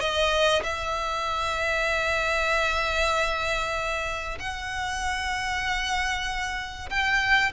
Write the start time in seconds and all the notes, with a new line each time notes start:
0.00 D#5
0.63 E5
4.39 F#5
6.89 G5